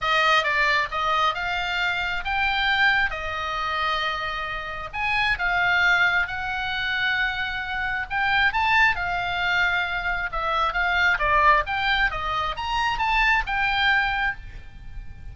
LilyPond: \new Staff \with { instrumentName = "oboe" } { \time 4/4 \tempo 4 = 134 dis''4 d''4 dis''4 f''4~ | f''4 g''2 dis''4~ | dis''2. gis''4 | f''2 fis''2~ |
fis''2 g''4 a''4 | f''2. e''4 | f''4 d''4 g''4 dis''4 | ais''4 a''4 g''2 | }